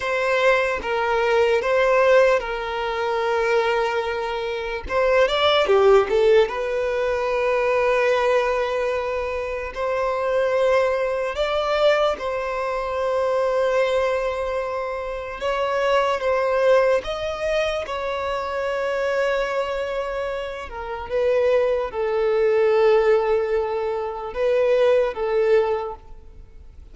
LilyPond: \new Staff \with { instrumentName = "violin" } { \time 4/4 \tempo 4 = 74 c''4 ais'4 c''4 ais'4~ | ais'2 c''8 d''8 g'8 a'8 | b'1 | c''2 d''4 c''4~ |
c''2. cis''4 | c''4 dis''4 cis''2~ | cis''4. ais'8 b'4 a'4~ | a'2 b'4 a'4 | }